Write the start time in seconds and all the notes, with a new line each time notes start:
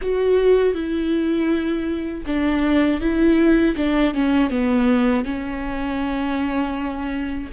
0.01 F#4
0.74 E4
2.26 D4
3.00 E4
3.76 D4
4.14 C#4
4.50 B3
5.24 C#4